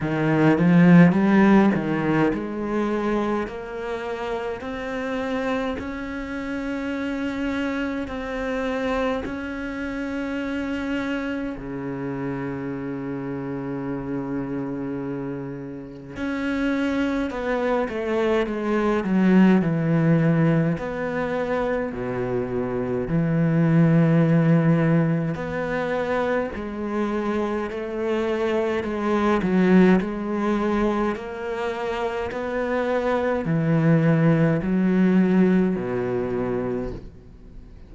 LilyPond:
\new Staff \with { instrumentName = "cello" } { \time 4/4 \tempo 4 = 52 dis8 f8 g8 dis8 gis4 ais4 | c'4 cis'2 c'4 | cis'2 cis2~ | cis2 cis'4 b8 a8 |
gis8 fis8 e4 b4 b,4 | e2 b4 gis4 | a4 gis8 fis8 gis4 ais4 | b4 e4 fis4 b,4 | }